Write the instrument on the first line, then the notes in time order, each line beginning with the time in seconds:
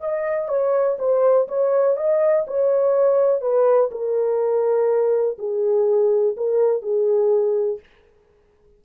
horn
0.00 D#5
0.48 C#5
0.98 C5
1.48 C#5
1.97 D#5
2.47 C#5
3.41 B4
3.91 A#4
5.38 G#4
6.37 A#4
6.82 G#4